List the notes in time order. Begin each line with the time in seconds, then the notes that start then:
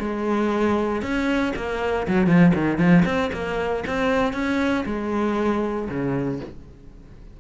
0.00 G#3
1.02 C#4
1.56 A#3
2.08 F#3
2.27 F3
2.55 D#3
2.78 F3
3.06 C4
3.33 A#3
3.87 C4
4.33 C#4
4.86 G#3
5.89 C#3